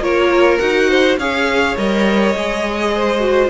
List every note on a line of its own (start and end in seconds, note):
0.00 0.58 A#3
0.00 0.60 F4
0.00 0.89 A#4
0.00 0.58 C#5
0.58 1.17 D#4
0.58 1.18 F#4
0.58 1.16 F#5
0.89 1.18 C5
1.17 1.75 C#4
1.17 1.77 G#4
1.17 2.94 C#5
1.17 1.77 F5
1.77 2.35 G3
1.77 2.35 A#4
1.77 3.49 D#5
2.35 3.49 G#3
2.35 3.19 G#4
2.94 3.49 C5
3.19 3.48 F#4